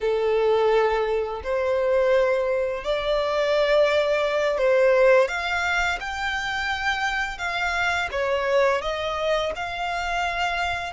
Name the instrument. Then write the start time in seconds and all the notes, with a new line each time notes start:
violin
0.01 A4
1.43 C5
2.84 D5
4.58 C5
5.27 F5
6.00 G5
7.38 F5
8.11 C#5
8.81 D#5
9.55 F5